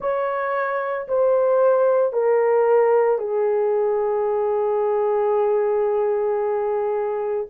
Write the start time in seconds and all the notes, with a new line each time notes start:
0.00 C#5
1.08 C5
2.12 A#4
3.18 G#4